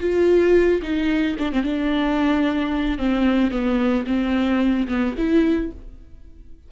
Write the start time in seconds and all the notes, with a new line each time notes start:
0.00 F4
0.82 D#4
1.39 D4
1.52 C4
1.63 D4
2.98 C4
3.51 B3
4.06 C4
4.88 B3
5.17 E4